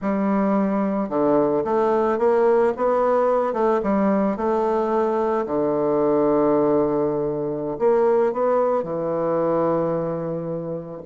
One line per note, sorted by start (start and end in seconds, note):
0.01 1.09 G3
1.09 1.63 D3
1.64 2.18 A3
2.18 2.73 A#3
2.76 3.53 B3
3.53 3.80 A3
3.83 4.36 G3
4.36 5.45 A3
5.45 7.77 D3
7.78 8.32 A#3
8.32 8.83 B3
8.83 11.01 E3